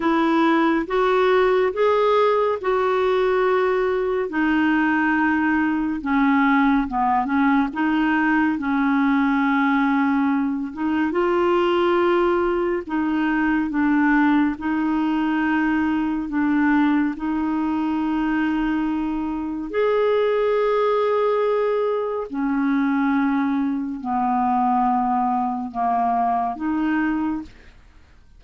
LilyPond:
\new Staff \with { instrumentName = "clarinet" } { \time 4/4 \tempo 4 = 70 e'4 fis'4 gis'4 fis'4~ | fis'4 dis'2 cis'4 | b8 cis'8 dis'4 cis'2~ | cis'8 dis'8 f'2 dis'4 |
d'4 dis'2 d'4 | dis'2. gis'4~ | gis'2 cis'2 | b2 ais4 dis'4 | }